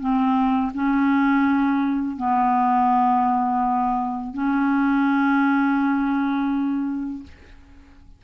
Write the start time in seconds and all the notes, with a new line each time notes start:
0.00 C4
0.74 C#4
2.17 B3
4.34 C#4